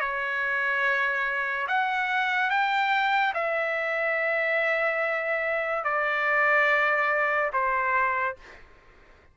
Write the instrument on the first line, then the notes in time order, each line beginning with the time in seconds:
trumpet
0.00 C#5
1.67 F#5
2.50 G5
3.34 E5
5.84 D5
7.53 C5